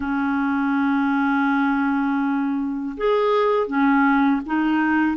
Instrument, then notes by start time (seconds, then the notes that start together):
clarinet
0.00 C#4
2.97 G#4
3.67 C#4
4.45 D#4